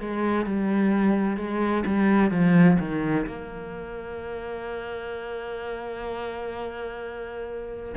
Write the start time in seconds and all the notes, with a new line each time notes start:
0.00 G#3
0.46 G3
1.37 G#3
1.86 G3
2.31 F3
2.79 D#3
3.26 A#3